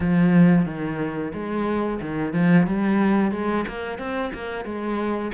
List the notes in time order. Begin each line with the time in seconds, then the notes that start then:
0.00 F3
0.65 D#3
1.33 G#3
2.01 D#3
2.33 F3
2.66 G3
3.32 G#3
3.67 A#3
3.98 C4
4.33 A#3
4.65 G#3